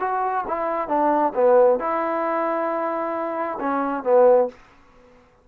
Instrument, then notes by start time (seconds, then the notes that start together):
trombone
0.00 F#4
0.47 E4
0.88 D4
1.35 B3
1.80 E4
3.60 C#4
4.03 B3